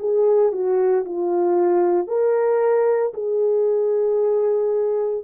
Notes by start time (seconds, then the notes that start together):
0.00 G#4
0.53 F#4
1.05 F4
2.08 A#4
3.14 G#4